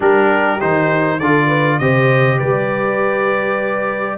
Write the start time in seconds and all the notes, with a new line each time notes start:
0.00 G3 D4 G4 A#4
0.60 D#3 D#4 C5
1.19 D3 F4 A4 D5
1.47 B4
1.78 C3 G4 C5 D#5
2.38 G3 B4 D5